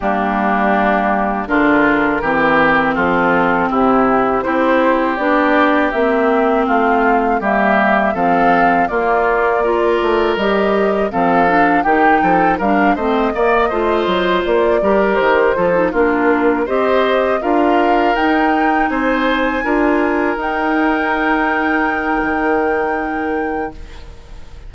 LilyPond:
<<
  \new Staff \with { instrumentName = "flute" } { \time 4/4 \tempo 4 = 81 g'2 ais'2 | a'4 g'4 c''4 d''4 | e''4 f''4 e''4 f''4 | d''2 dis''4 f''4 |
g''4 f''8 dis''2 d''8~ | d''8 c''4 ais'4 dis''4 f''8~ | f''8 g''4 gis''2 g''8~ | g''1 | }
  \new Staff \with { instrumentName = "oboe" } { \time 4/4 d'2 f'4 g'4 | f'4 e'4 g'2~ | g'4 f'4 g'4 a'4 | f'4 ais'2 a'4 |
g'8 a'8 ais'8 c''8 d''8 c''4. | ais'4 a'8 f'4 c''4 ais'8~ | ais'4. c''4 ais'4.~ | ais'1 | }
  \new Staff \with { instrumentName = "clarinet" } { \time 4/4 ais2 d'4 c'4~ | c'2 e'4 d'4 | c'2 ais4 c'4 | ais4 f'4 g'4 c'8 d'8 |
dis'4 d'8 c'8 ais8 f'4. | g'4 f'16 dis'16 d'4 g'4 f'8~ | f'8 dis'2 f'4 dis'8~ | dis'1 | }
  \new Staff \with { instrumentName = "bassoon" } { \time 4/4 g2 d4 e4 | f4 c4 c'4 b4 | ais4 a4 g4 f4 | ais4. a8 g4 f4 |
dis8 f8 g8 a8 ais8 a8 fis8 ais8 | g8 dis8 f8 ais4 c'4 d'8~ | d'8 dis'4 c'4 d'4 dis'8~ | dis'2 dis2 | }
>>